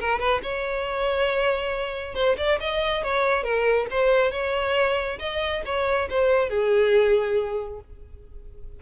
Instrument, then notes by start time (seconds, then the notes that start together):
violin
0.00 A#4
0.19 B4
0.43 C#5
2.15 C5
2.37 D5
2.60 D#5
3.04 C#5
3.43 A#4
3.91 C5
4.32 C#5
5.19 D#5
5.65 C#5
6.10 C5
6.49 G#4